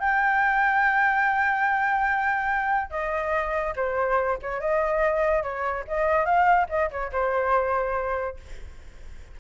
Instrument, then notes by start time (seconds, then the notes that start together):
flute
0.00 G5
2.90 D#5
3.76 C5
4.42 C#5
4.60 D#5
5.43 C#5
5.88 D#5
6.25 F5
6.69 D#5
6.91 C#5
7.12 C5